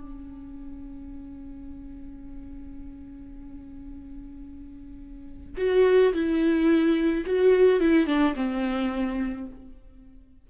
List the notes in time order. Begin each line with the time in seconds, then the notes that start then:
0.00 C#4
5.57 F#4
6.13 E4
7.26 F#4
7.80 E4
8.06 D4
8.35 C4